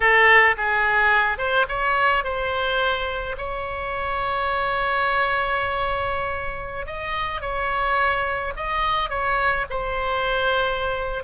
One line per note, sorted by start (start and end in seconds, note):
0.00 0.55 A4
0.57 1.38 G#4
1.38 1.66 C5
1.68 2.24 C#5
2.24 3.36 C5
3.37 6.86 C#5
6.86 7.41 D#5
7.41 8.53 C#5
8.56 9.09 D#5
9.09 9.65 C#5
9.70 11.23 C5